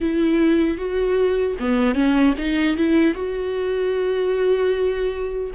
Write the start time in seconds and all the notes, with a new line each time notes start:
0.00 E4
0.77 F#4
1.59 B3
1.94 C#4
2.38 D#4
2.76 E4
3.14 F#4